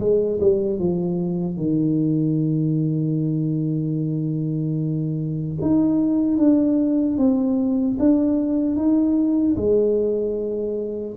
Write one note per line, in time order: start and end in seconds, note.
0.00 0.40 G#3
0.40 0.79 G3
0.79 1.57 F3
1.57 5.57 D#3
5.61 6.37 D#4
6.37 7.17 D4
7.17 7.97 C4
7.99 8.76 D4
8.76 9.56 D#4
9.57 11.17 G#3